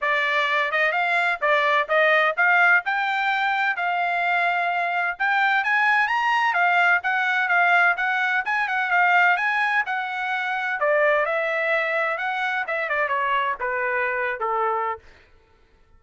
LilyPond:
\new Staff \with { instrumentName = "trumpet" } { \time 4/4 \tempo 4 = 128 d''4. dis''8 f''4 d''4 | dis''4 f''4 g''2 | f''2. g''4 | gis''4 ais''4 f''4 fis''4 |
f''4 fis''4 gis''8 fis''8 f''4 | gis''4 fis''2 d''4 | e''2 fis''4 e''8 d''8 | cis''4 b'4.~ b'16 a'4~ a'16 | }